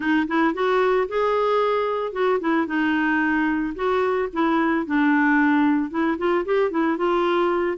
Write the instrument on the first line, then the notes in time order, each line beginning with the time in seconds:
clarinet
0.00 D#4
0.27 E4
0.54 F#4
1.08 G#4
2.12 F#4
2.40 E4
2.66 D#4
3.75 F#4
4.33 E4
4.86 D4
5.90 E4
6.18 F4
6.45 G4
6.70 E4
6.97 F4